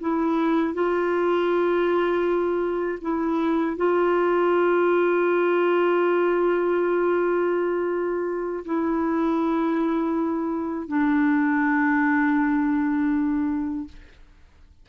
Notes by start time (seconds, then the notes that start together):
0.00 E4
0.74 F4
3.01 E4
3.76 F4
8.65 E4
10.88 D4